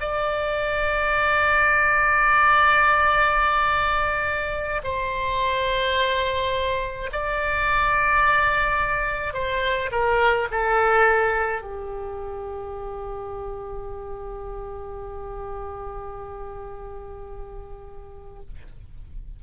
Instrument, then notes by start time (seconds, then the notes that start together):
oboe
0.00 D5
4.83 C5
7.12 D5
9.33 C5
9.91 A#4
10.51 A4
11.61 G4